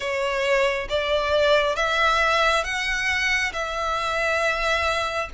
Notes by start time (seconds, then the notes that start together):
0.00 C#5
0.89 D5
1.75 E5
2.64 F#5
3.53 E5